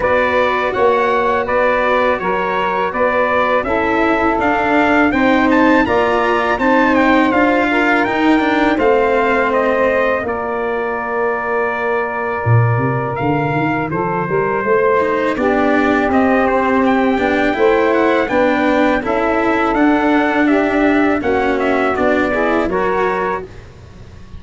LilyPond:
<<
  \new Staff \with { instrumentName = "trumpet" } { \time 4/4 \tempo 4 = 82 d''4 fis''4 d''4 cis''4 | d''4 e''4 f''4 g''8 a''8 | ais''4 a''8 g''8 f''4 g''4 | f''4 dis''4 d''2~ |
d''2 f''4 c''4~ | c''4 d''4 dis''8 c''8 g''4~ | g''8 fis''8 g''4 e''4 fis''4 | e''4 fis''8 e''8 d''4 cis''4 | }
  \new Staff \with { instrumentName = "saxophone" } { \time 4/4 b'4 cis''4 b'4 ais'4 | b'4 a'2 c''4 | d''4 c''4. ais'4. | c''2 ais'2~ |
ais'2. a'8 ais'8 | c''4 g'2. | c''4 b'4 a'2 | g'4 fis'4. gis'8 ais'4 | }
  \new Staff \with { instrumentName = "cello" } { \time 4/4 fis'1~ | fis'4 e'4 d'4 dis'4 | f'4 dis'4 f'4 dis'8 d'8 | c'2 f'2~ |
f'1~ | f'8 dis'8 d'4 c'4. d'8 | e'4 d'4 e'4 d'4~ | d'4 cis'4 d'8 e'8 fis'4 | }
  \new Staff \with { instrumentName = "tuba" } { \time 4/4 b4 ais4 b4 fis4 | b4 cis'4 d'4 c'4 | ais4 c'4 d'4 dis'4 | a2 ais2~ |
ais4 ais,8 c8 d8 dis8 f8 g8 | a4 b4 c'4. b8 | a4 b4 cis'4 d'4~ | d'4 ais4 b4 fis4 | }
>>